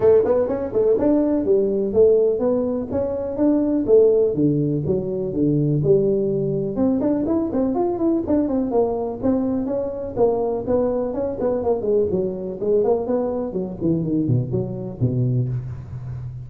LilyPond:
\new Staff \with { instrumentName = "tuba" } { \time 4/4 \tempo 4 = 124 a8 b8 cis'8 a8 d'4 g4 | a4 b4 cis'4 d'4 | a4 d4 fis4 d4 | g2 c'8 d'8 e'8 c'8 |
f'8 e'8 d'8 c'8 ais4 c'4 | cis'4 ais4 b4 cis'8 b8 | ais8 gis8 fis4 gis8 ais8 b4 | fis8 e8 dis8 b,8 fis4 b,4 | }